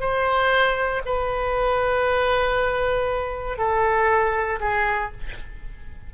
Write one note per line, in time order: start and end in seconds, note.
0.00 1.02 C5
1.05 3.57 B4
3.57 4.59 A4
4.60 5.11 G#4